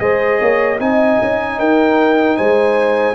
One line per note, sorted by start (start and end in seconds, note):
0.00 0.40 G#3
0.00 0.79 G#4
0.00 0.41 C5
0.00 0.79 D#5
0.41 0.80 A#3
0.41 0.80 C#5
0.79 1.19 C4
0.79 3.15 D#4
0.79 1.60 D#5
0.79 1.60 G#5
1.22 1.59 C#4
1.59 2.38 D#4
1.59 2.38 A#4
1.59 2.37 G5
2.37 3.15 G#3
2.37 3.15 C5
2.37 3.15 G#5